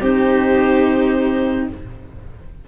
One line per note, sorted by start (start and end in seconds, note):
0.00 1.67 C4
0.00 1.68 D#4
0.00 1.65 G4
0.00 1.68 C5